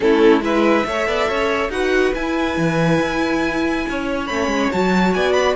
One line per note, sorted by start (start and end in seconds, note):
0.00 0.40 A3
0.00 0.41 C#4
0.00 0.43 E4
0.00 0.41 A4
0.40 0.83 G#3
0.40 0.84 E4
0.40 0.86 B4
0.40 1.70 E5
0.85 1.06 A3
0.85 1.70 A4
0.85 1.07 C#5
1.06 1.27 B3
1.06 1.28 D5
1.28 1.68 C#4
1.28 1.71 C#5
1.68 2.11 D#4
1.68 2.13 F#4
1.68 3.87 B4
1.68 2.13 F#5
2.14 4.28 E4
2.14 2.57 E4
2.14 4.26 G#5
2.57 2.99 E3
3.00 3.86 E4
3.88 4.29 C#4
3.88 5.15 C#5
4.26 4.46 A3
4.26 4.72 C#4
4.26 4.69 B5
4.46 4.68 G#3
4.71 5.15 F#3
4.71 5.56 F#4
4.71 5.13 A5
5.13 5.56 B3
5.13 5.56 D5
5.13 5.32 G#5
5.32 5.54 B5